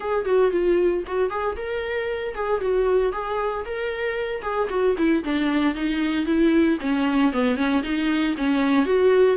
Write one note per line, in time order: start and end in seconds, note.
0.00 0.25 G#4
0.25 0.51 F#4
0.51 1.03 F4
1.06 1.30 F#4
1.30 1.56 G#4
1.56 2.34 A#4
2.35 2.60 G#4
2.60 3.12 F#4
3.12 3.64 G#4
3.65 4.42 A#4
4.42 4.68 G#4
4.69 4.95 F#4
4.97 5.23 E4
5.23 5.75 D4
5.75 6.25 D#4
6.25 6.78 E4
6.80 7.32 C#4
7.32 7.56 B3
7.56 7.82 C#4
7.83 8.35 D#4
8.37 8.85 C#4
8.85 9.36 F#4